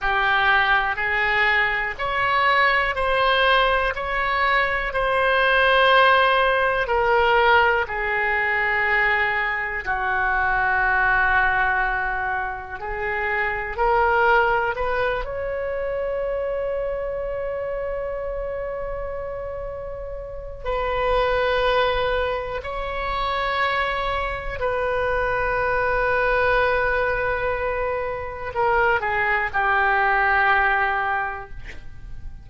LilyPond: \new Staff \with { instrumentName = "oboe" } { \time 4/4 \tempo 4 = 61 g'4 gis'4 cis''4 c''4 | cis''4 c''2 ais'4 | gis'2 fis'2~ | fis'4 gis'4 ais'4 b'8 cis''8~ |
cis''1~ | cis''4 b'2 cis''4~ | cis''4 b'2.~ | b'4 ais'8 gis'8 g'2 | }